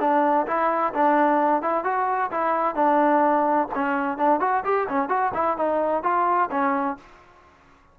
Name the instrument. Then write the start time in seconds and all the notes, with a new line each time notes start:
trombone
0.00 D4
0.47 E4
0.94 D4
1.62 E4
1.84 F#4
2.31 E4
2.75 D4
3.75 C#4
4.18 D4
4.40 F#4
4.64 G4
4.89 C#4
5.09 F#4
5.34 E4
5.57 D#4
6.03 F4
6.51 C#4